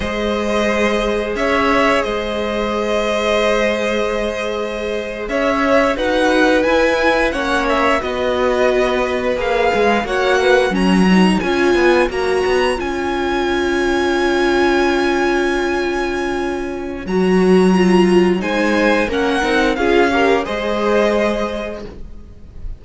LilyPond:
<<
  \new Staff \with { instrumentName = "violin" } { \time 4/4 \tempo 4 = 88 dis''2 e''4 dis''4~ | dis''2.~ dis''8. e''16~ | e''8. fis''4 gis''4 fis''8 e''8 dis''16~ | dis''4.~ dis''16 f''4 fis''4 ais''16~ |
ais''8. gis''4 ais''4 gis''4~ gis''16~ | gis''1~ | gis''4 ais''2 gis''4 | fis''4 f''4 dis''2 | }
  \new Staff \with { instrumentName = "violin" } { \time 4/4 c''2 cis''4 c''4~ | c''2.~ c''8. cis''16~ | cis''8. b'2 cis''4 b'16~ | b'2~ b'8. cis''8 b'8 cis''16~ |
cis''1~ | cis''1~ | cis''2. c''4 | ais'4 gis'8 ais'8 c''2 | }
  \new Staff \with { instrumentName = "viola" } { \time 4/4 gis'1~ | gis'1~ | gis'8. fis'4 e'4 cis'4 fis'16~ | fis'4.~ fis'16 gis'4 fis'4 cis'16~ |
cis'16 dis'8 f'4 fis'4 f'4~ f'16~ | f'1~ | f'4 fis'4 f'4 dis'4 | cis'8 dis'8 f'8 g'8 gis'2 | }
  \new Staff \with { instrumentName = "cello" } { \time 4/4 gis2 cis'4 gis4~ | gis2.~ gis8. cis'16~ | cis'8. dis'4 e'4 ais4 b16~ | b4.~ b16 ais8 gis8 ais4 fis16~ |
fis8. cis'8 b8 ais8 b8 cis'4~ cis'16~ | cis'1~ | cis'4 fis2 gis4 | ais8 c'8 cis'4 gis2 | }
>>